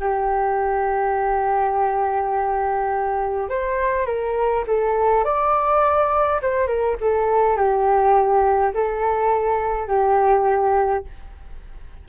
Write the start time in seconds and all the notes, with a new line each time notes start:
0.00 G4
3.50 C5
4.06 A#4
4.68 A4
5.25 D5
6.42 C5
6.68 A#4
7.01 A4
7.57 G4
8.75 A4
9.88 G4